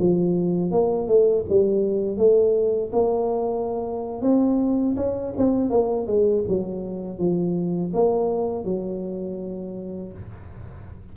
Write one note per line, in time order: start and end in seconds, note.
0.00 0.72 F3
0.72 1.08 A#3
1.08 1.45 A3
1.50 2.18 G3
2.18 2.92 A3
2.93 4.22 A#3
4.22 4.96 C4
4.97 5.34 C#4
5.37 5.70 C4
5.70 6.07 A#3
6.07 6.44 G#3
6.48 7.19 F#3
7.19 7.93 F3
7.94 8.65 A#3
8.65 10.13 F#3